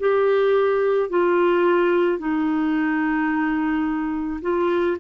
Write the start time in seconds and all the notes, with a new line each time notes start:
0.00 G4
1.10 F4
2.19 D#4
4.42 F4